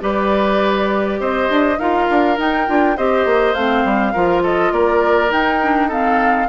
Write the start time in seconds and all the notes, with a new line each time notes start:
0.00 G3 G4 B4 D5
1.19 C4 C5 D#5
1.49 D4
1.78 D#4 F4 A#4 F5
2.10 D4
2.37 D#4 G5
2.67 D4 F4
2.96 C4 G4 C5 D#5
3.25 A#3
3.53 A3 C4 F5
3.84 G3
4.12 F3 F4 A#4
4.42 A4 D#5
4.71 A#3 A#4 D5
5.29 D#4 G5
5.62 D4
5.88 C4 A4 F5